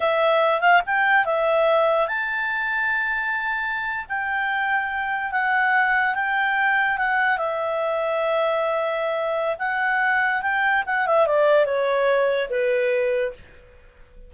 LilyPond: \new Staff \with { instrumentName = "clarinet" } { \time 4/4 \tempo 4 = 144 e''4. f''8 g''4 e''4~ | e''4 a''2.~ | a''4.~ a''16 g''2~ g''16~ | g''8. fis''2 g''4~ g''16~ |
g''8. fis''4 e''2~ e''16~ | e''2. fis''4~ | fis''4 g''4 fis''8 e''8 d''4 | cis''2 b'2 | }